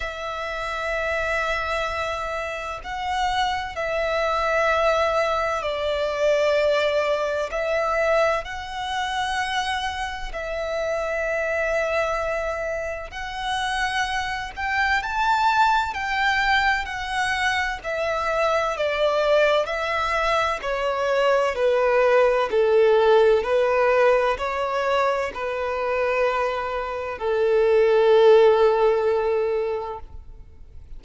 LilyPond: \new Staff \with { instrumentName = "violin" } { \time 4/4 \tempo 4 = 64 e''2. fis''4 | e''2 d''2 | e''4 fis''2 e''4~ | e''2 fis''4. g''8 |
a''4 g''4 fis''4 e''4 | d''4 e''4 cis''4 b'4 | a'4 b'4 cis''4 b'4~ | b'4 a'2. | }